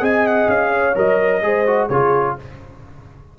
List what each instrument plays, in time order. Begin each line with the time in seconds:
0.00 tuba C4, trombone G#4, horn D#5, trumpet G#5
0.27 trumpet F#5
0.48 tuba C#4, trumpet F5
0.71 horn C#5
0.95 tuba F#3, trombone A#4, trumpet D#5
1.43 tuba G#3, trombone G#4, horn C5
1.67 trombone F#4
1.89 tuba C#3, trombone F4, horn G#4, trumpet C#5